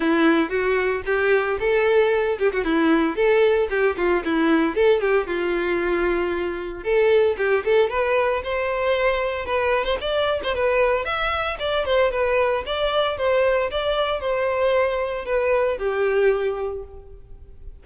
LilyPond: \new Staff \with { instrumentName = "violin" } { \time 4/4 \tempo 4 = 114 e'4 fis'4 g'4 a'4~ | a'8 g'16 fis'16 e'4 a'4 g'8 f'8 | e'4 a'8 g'8 f'2~ | f'4 a'4 g'8 a'8 b'4 |
c''2 b'8. c''16 d''8. c''16 | b'4 e''4 d''8 c''8 b'4 | d''4 c''4 d''4 c''4~ | c''4 b'4 g'2 | }